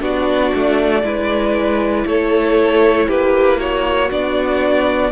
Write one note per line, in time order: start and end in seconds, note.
0.00 0.52 B3
0.00 1.02 D4
0.00 1.03 F#4
0.00 2.07 D5
0.54 1.03 A3
1.03 2.05 G#3
1.03 4.08 E4
1.03 2.06 B4
2.06 3.08 A3
2.06 3.08 A4
2.06 3.08 C#5
3.08 4.10 A#3
3.08 3.59 G4
3.08 3.59 B4
3.59 5.11 F#4
3.59 4.11 C#5
4.10 5.11 B3
4.10 5.11 D4
4.10 5.11 D5